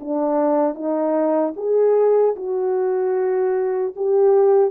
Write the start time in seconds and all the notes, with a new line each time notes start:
0.00 D4
0.75 D#4
1.56 G#4
2.36 F#4
3.96 G4